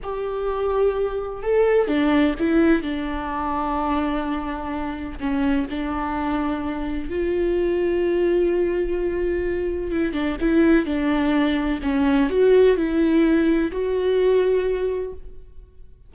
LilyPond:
\new Staff \with { instrumentName = "viola" } { \time 4/4 \tempo 4 = 127 g'2. a'4 | d'4 e'4 d'2~ | d'2. cis'4 | d'2. f'4~ |
f'1~ | f'4 e'8 d'8 e'4 d'4~ | d'4 cis'4 fis'4 e'4~ | e'4 fis'2. | }